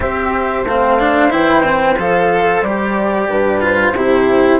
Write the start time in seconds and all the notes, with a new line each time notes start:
0.00 C4 G4 C5 E5
0.64 A3 C4 F5
0.99 D4
1.30 E3 E4 G5
1.63 C4
1.97 F3 A4 F5
2.62 G3 G4 D5
3.28 G2 B4
3.61 F4 C5
3.93 C3 E4 G4